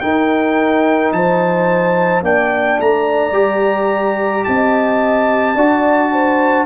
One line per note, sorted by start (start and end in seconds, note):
0.00 2.22 D#4
0.00 1.12 D#4
0.00 1.15 A#4
0.00 1.11 G5
1.12 2.22 F3
1.12 2.24 C5
1.12 2.23 A5
2.22 2.77 A#3
2.22 3.33 D4
2.22 4.46 D5
2.22 2.80 G5
2.79 3.31 A3
2.79 4.44 A#5
3.31 4.43 G3
3.31 5.55 G4
4.44 5.55 C4
4.44 5.55 D#5
4.44 6.66 A5
5.55 6.66 D4
5.55 6.66 F#4
5.55 6.11 D5
6.12 6.66 C5